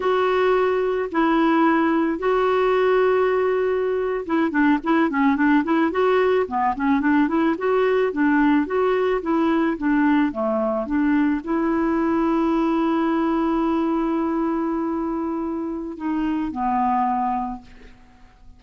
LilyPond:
\new Staff \with { instrumentName = "clarinet" } { \time 4/4 \tempo 4 = 109 fis'2 e'2 | fis'2.~ fis'8. e'16~ | e'16 d'8 e'8 cis'8 d'8 e'8 fis'4 b16~ | b16 cis'8 d'8 e'8 fis'4 d'4 fis'16~ |
fis'8. e'4 d'4 a4 d'16~ | d'8. e'2.~ e'16~ | e'1~ | e'4 dis'4 b2 | }